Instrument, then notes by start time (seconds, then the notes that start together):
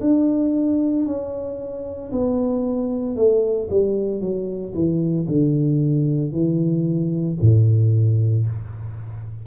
tuba
0.00 D4
1.06 C#4
2.11 B3
3.16 A3
3.70 G3
4.21 F#3
4.74 E3
5.27 D3
6.32 E3
7.41 A2